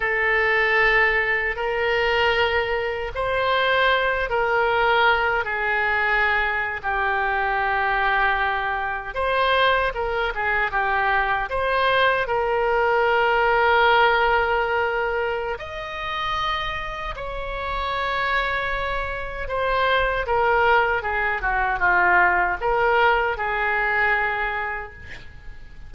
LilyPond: \new Staff \with { instrumentName = "oboe" } { \time 4/4 \tempo 4 = 77 a'2 ais'2 | c''4. ais'4. gis'4~ | gis'8. g'2. c''16~ | c''8. ais'8 gis'8 g'4 c''4 ais'16~ |
ais'1 | dis''2 cis''2~ | cis''4 c''4 ais'4 gis'8 fis'8 | f'4 ais'4 gis'2 | }